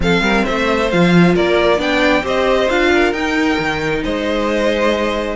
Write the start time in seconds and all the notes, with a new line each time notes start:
0.00 F3 C4 A4 F5
0.20 G3 A#4
0.44 A3 C5 E5
0.90 F3 F4 F5
1.34 A#3 A#4 D5
1.77 B3 D4 D5 G5
2.23 C4 G4 C5 D#5
2.68 D4 F4 F5
2.93 A#4
3.12 D#4 G5
3.59 D#3
4.03 G#3 C5 D#5